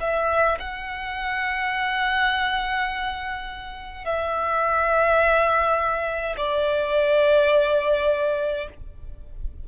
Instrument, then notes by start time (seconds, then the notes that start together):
violin
0.00 E5
0.59 F#5
4.04 E5
6.37 D5